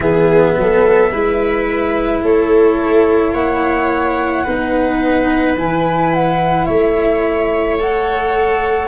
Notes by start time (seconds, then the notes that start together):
0.00 E3 B3 G#4 E5
0.56 F#3 A4
1.11 G#3 E4 B4
2.22 A3 A4 C#5
3.33 A#3 C#5 F#5
4.44 B3 D#4 B4
5.56 E3 E4 G#5
6.14 F#5
6.65 A3 C#5 E5
7.79 A4 F#5